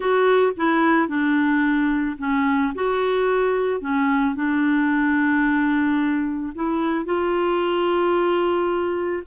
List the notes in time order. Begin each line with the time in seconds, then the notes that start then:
0.00 F#4
0.57 E4
1.08 D4
2.18 C#4
2.74 F#4
3.80 C#4
4.35 D4
6.54 E4
7.05 F4